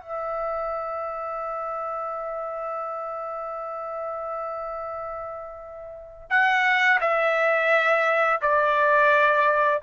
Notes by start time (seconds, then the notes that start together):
0.00 E5
6.29 F#5
7.00 E5
8.41 D5